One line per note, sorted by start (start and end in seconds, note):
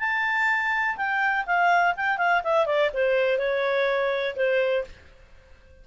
0.00 0.97 A5
0.97 1.46 G5
1.46 1.95 F5
1.97 2.18 G5
2.18 2.42 F5
2.44 2.66 E5
2.66 2.91 D5
2.94 3.39 C5
3.39 4.36 C#5
4.36 4.85 C5